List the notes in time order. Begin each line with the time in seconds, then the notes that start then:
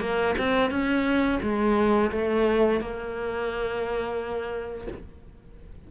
0.00 A#3
0.38 C4
0.70 C#4
1.42 G#3
2.11 A3
2.80 A#3